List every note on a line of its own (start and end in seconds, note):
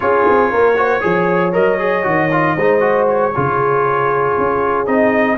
0.00 0.27 C#4
0.00 0.74 F4
0.00 0.51 G#4
0.00 1.53 C#5
0.28 0.51 C4
0.51 1.03 A#3
0.51 0.77 A#4
0.76 1.01 F#4
0.76 1.03 C5
1.01 1.55 F3
1.01 1.52 G#4
1.01 2.55 C#5
1.52 2.05 F#3
1.52 1.78 A#4
1.52 3.07 D#5
1.78 2.03 G#4
2.03 2.56 D#3
2.03 2.29 F#4
2.31 2.57 F4
2.55 3.33 G#3
2.55 2.80 D#4
2.55 3.32 C5
2.80 3.31 F#4
3.08 4.86 C#5
3.33 4.37 C#3
3.33 4.86 F4
3.33 5.38 G#4
4.37 4.87 C#4
4.86 5.38 C4
4.86 5.38 D#4
4.86 5.37 D#5